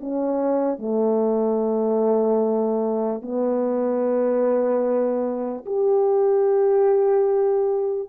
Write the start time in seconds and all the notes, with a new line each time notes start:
0.00 C#4
0.79 A3
3.22 B3
5.66 G4